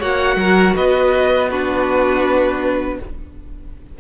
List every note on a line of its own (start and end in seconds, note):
0.00 0.37 A#3
0.00 1.50 F#4
0.00 0.37 C#5
0.00 0.76 F#5
0.37 0.74 F#3
0.37 0.76 A#4
0.76 3.00 B3
0.76 1.50 B4
0.76 1.50 D#5
1.50 3.00 D4
1.50 2.99 F#4
1.50 3.00 B4